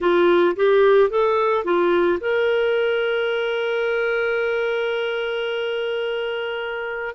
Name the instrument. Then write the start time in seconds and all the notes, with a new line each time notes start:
clarinet
0.00 F4
0.56 G4
1.10 A4
1.64 F4
2.20 A#4